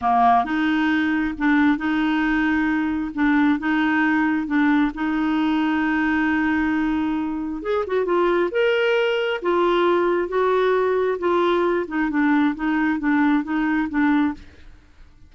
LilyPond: \new Staff \with { instrumentName = "clarinet" } { \time 4/4 \tempo 4 = 134 ais4 dis'2 d'4 | dis'2. d'4 | dis'2 d'4 dis'4~ | dis'1~ |
dis'4 gis'8 fis'8 f'4 ais'4~ | ais'4 f'2 fis'4~ | fis'4 f'4. dis'8 d'4 | dis'4 d'4 dis'4 d'4 | }